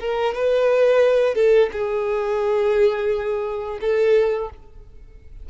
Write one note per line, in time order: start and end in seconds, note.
0.00 0.34 A#4
0.34 1.35 B4
1.35 1.70 A4
1.72 3.79 G#4
3.81 4.50 A4